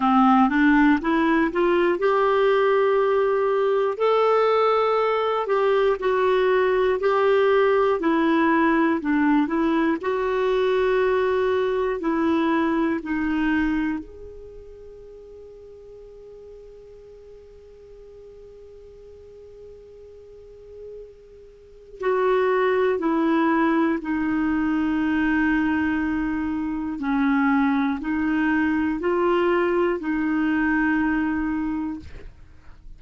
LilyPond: \new Staff \with { instrumentName = "clarinet" } { \time 4/4 \tempo 4 = 60 c'8 d'8 e'8 f'8 g'2 | a'4. g'8 fis'4 g'4 | e'4 d'8 e'8 fis'2 | e'4 dis'4 gis'2~ |
gis'1~ | gis'2 fis'4 e'4 | dis'2. cis'4 | dis'4 f'4 dis'2 | }